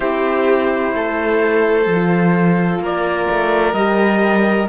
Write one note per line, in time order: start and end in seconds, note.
0.00 0.93 C4
0.00 1.85 E4
0.00 0.93 G4
0.00 2.80 C5
0.93 1.86 A3
0.93 2.82 A4
1.86 2.79 F3
1.86 3.76 F4
2.79 3.26 A#3
2.79 4.68 A#4
2.79 3.73 D5
3.30 3.73 A3
3.73 4.66 G3
3.73 4.68 G4
3.73 4.67 D#5